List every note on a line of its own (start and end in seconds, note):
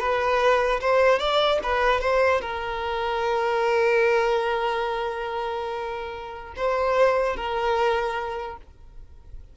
0.00 0.81 B4
0.81 1.19 C5
1.19 1.60 D5
1.63 2.01 B4
2.01 2.41 C5
2.41 6.54 A#4
6.57 7.37 C5
7.37 8.57 A#4